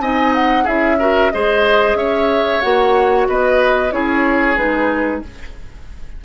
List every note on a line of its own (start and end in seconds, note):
0.00 0.65 C4
0.00 0.65 D#4
0.00 0.64 D#5
0.00 0.34 G#5
0.34 0.67 F#5
0.64 1.32 C#4
0.64 0.98 E4
0.64 0.96 G#4
0.64 1.31 E5
0.99 1.32 F#4
0.99 1.32 A#4
1.31 1.94 G#3
1.31 2.62 G#4
1.31 1.97 C5
1.31 1.96 D#5
1.94 2.59 C#4
1.94 3.28 C#5
1.94 2.61 E5
2.61 3.28 A#3
2.61 3.90 F#4
2.61 3.26 F#5
3.28 3.92 B3
3.28 3.94 B4
3.28 3.91 D#5
3.90 4.57 C#4
3.90 4.56 E4
3.90 5.24 G#4
3.90 4.57 C#5
4.57 5.22 G#3
4.57 5.22 D#4
4.57 5.22 B4